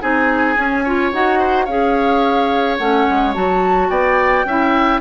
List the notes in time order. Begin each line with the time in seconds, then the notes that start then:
0.00 C4 D#4 G#4 G#5
0.57 C#4
0.84 F4 C#5
1.12 D#4 F#4 F#5
1.39 C5
1.65 C#4 G#4 C#5 F5
2.77 A3 C#4 F#5
3.09 G#3
3.34 F#3 F#4 A5
3.89 B3 D5 G5
4.45 C#4 E4 E5